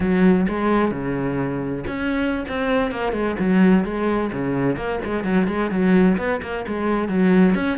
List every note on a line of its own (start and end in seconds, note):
0.00 0.47 F#3
0.48 0.91 G#3
0.91 1.84 C#3
1.87 2.45 C#4
2.48 2.91 C4
2.91 3.12 A#3
3.12 3.35 G#3
3.39 3.84 F#3
3.84 4.30 G#3
4.32 4.76 C#3
4.76 4.99 A#3
5.05 5.23 G#3
5.23 5.47 F#3
5.47 5.70 G#3
5.70 6.17 F#3
6.17 6.40 B3
6.42 6.65 A#3
6.67 7.08 G#3
7.08 7.54 F#3
7.54 7.78 C#4